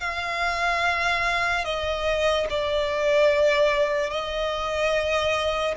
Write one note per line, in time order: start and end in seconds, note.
0.00 1.64 F5
1.64 2.46 D#5
2.50 4.10 D5
4.10 5.75 D#5